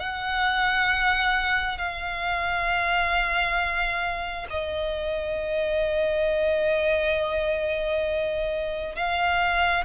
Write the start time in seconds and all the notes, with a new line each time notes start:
0.00 F#5
1.78 F5
4.50 D#5
8.96 F5